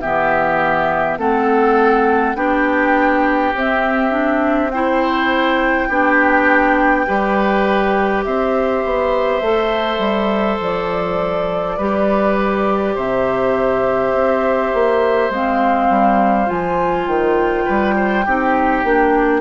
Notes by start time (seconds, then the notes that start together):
0.00 E3 B3 G4 E5
1.18 A3 C4 A4 F#5
2.35 B3 D4 G4 G5
3.54 C4 E5
4.11 D4
4.70 E4 C5 G5
5.88 B3 D4 G4
7.07 G3 G4 B4
8.24 C4 C5 E5
8.84 B3
9.41 A3 A4
9.98 G3
10.61 F3 D5
11.77 G3 G4 B4
12.94 C3 C5 E5
14.14 C4
14.73 A#3
15.30 G#3 C4 F5
15.89 G3
16.46 F3 F4 G#5
17.07 D#3 G5
17.65 G3 B4
17.96 C5
18.25 C4 D#4 G4
18.84 A#3 D4